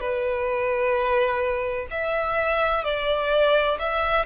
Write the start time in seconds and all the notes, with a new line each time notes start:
0.00 B4
1.91 E5
2.84 D5
3.79 E5